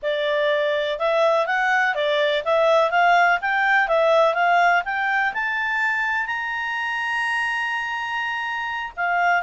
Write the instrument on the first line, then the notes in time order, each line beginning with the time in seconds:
clarinet
0.02 D5
0.99 E5
1.46 F#5
1.94 D5
2.44 E5
2.90 F5
3.41 G5
3.88 E5
4.34 F5
4.84 G5
5.33 A5
6.26 A#5
8.96 F5